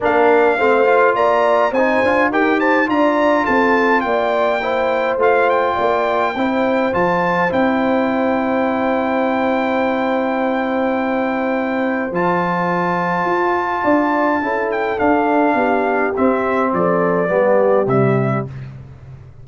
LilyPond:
<<
  \new Staff \with { instrumentName = "trumpet" } { \time 4/4 \tempo 4 = 104 f''2 ais''4 gis''4 | g''8 a''8 ais''4 a''4 g''4~ | g''4 f''8 g''2~ g''8 | a''4 g''2.~ |
g''1~ | g''4 a''2.~ | a''4. g''8 f''2 | e''4 d''2 e''4 | }
  \new Staff \with { instrumentName = "horn" } { \time 4/4 ais'4 c''4 d''4 c''4 | ais'8 c''8 d''4 a'4 d''4 | c''2 d''4 c''4~ | c''1~ |
c''1~ | c''1 | d''4 a'2 g'4~ | g'4 a'4 g'2 | }
  \new Staff \with { instrumentName = "trombone" } { \time 4/4 d'4 c'8 f'4. dis'8 f'8 | g'4 f'2. | e'4 f'2 e'4 | f'4 e'2.~ |
e'1~ | e'4 f'2.~ | f'4 e'4 d'2 | c'2 b4 g4 | }
  \new Staff \with { instrumentName = "tuba" } { \time 4/4 ais4 a4 ais4 c'8 d'8 | dis'4 d'4 c'4 ais4~ | ais4 a4 ais4 c'4 | f4 c'2.~ |
c'1~ | c'4 f2 f'4 | d'4 cis'4 d'4 b4 | c'4 f4 g4 c4 | }
>>